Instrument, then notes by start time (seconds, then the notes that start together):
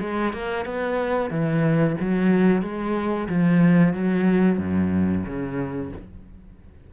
cello
0.00 G#3
0.33 A#3
0.65 B3
1.30 E3
2.00 F#3
2.62 G#3
3.29 F3
3.94 F#3
4.58 F#2
5.26 C#3